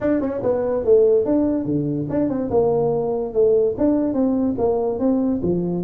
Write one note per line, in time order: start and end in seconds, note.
0.00 0.20 D4
0.20 0.41 C#4
0.42 0.84 B3
0.84 1.25 A3
1.25 1.65 D4
1.65 2.07 D3
2.09 2.29 D4
2.29 2.50 C4
2.50 3.33 A#3
3.33 3.75 A3
3.77 4.13 D4
4.13 4.55 C4
4.58 4.99 A#3
4.99 5.40 C4
5.42 5.84 F3